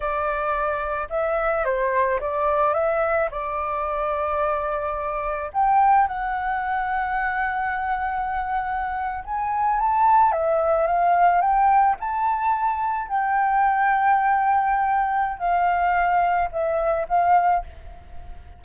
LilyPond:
\new Staff \with { instrumentName = "flute" } { \time 4/4 \tempo 4 = 109 d''2 e''4 c''4 | d''4 e''4 d''2~ | d''2 g''4 fis''4~ | fis''1~ |
fis''8. gis''4 a''4 e''4 f''16~ | f''8. g''4 a''2 g''16~ | g''1 | f''2 e''4 f''4 | }